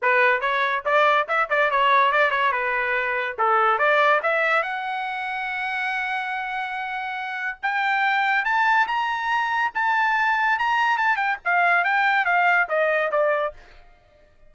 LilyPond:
\new Staff \with { instrumentName = "trumpet" } { \time 4/4 \tempo 4 = 142 b'4 cis''4 d''4 e''8 d''8 | cis''4 d''8 cis''8 b'2 | a'4 d''4 e''4 fis''4~ | fis''1~ |
fis''2 g''2 | a''4 ais''2 a''4~ | a''4 ais''4 a''8 g''8 f''4 | g''4 f''4 dis''4 d''4 | }